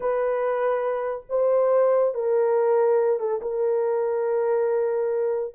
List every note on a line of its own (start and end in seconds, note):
0.00 1.24 B4
1.29 2.14 C5
2.14 3.19 A#4
3.19 3.40 A4
3.41 5.54 A#4